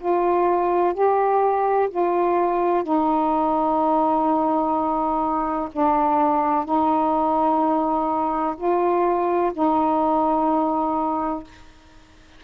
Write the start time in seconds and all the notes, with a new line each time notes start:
0.00 F4
0.94 G4
1.91 F4
2.84 D#4
5.73 D4
6.65 D#4
8.58 F4
9.54 D#4